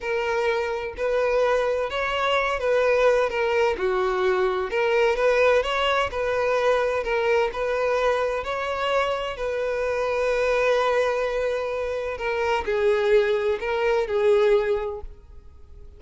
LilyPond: \new Staff \with { instrumentName = "violin" } { \time 4/4 \tempo 4 = 128 ais'2 b'2 | cis''4. b'4. ais'4 | fis'2 ais'4 b'4 | cis''4 b'2 ais'4 |
b'2 cis''2 | b'1~ | b'2 ais'4 gis'4~ | gis'4 ais'4 gis'2 | }